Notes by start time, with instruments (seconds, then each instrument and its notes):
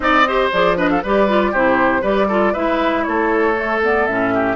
0.00 bassoon C4, clarinet D#4, oboe D5, flute D#5
0.27 clarinet G4, oboe C5
0.52 bassoon F3, clarinet G#4, flute D5
0.76 clarinet D4, oboe B4, flute D#5
0.90 oboe A4, flute F5
1.02 bassoon G3, clarinet G4, oboe B4, flute D5
1.27 clarinet F4
1.51 bassoon C3, clarinet E4, oboe G4, flute C5
2.01 bassoon G3, clarinet G4, oboe B4, flute D5
2.27 clarinet F4, oboe A4
2.52 bassoon G#3, clarinet E4, oboe B4, flute E5
3.03 bassoon A3, oboe A4, flute C#5
3.55 clarinet A3
3.83 clarinet B3, flute D5
4.06 bassoon A2, clarinet C#4, flute E5
4.34 oboe G4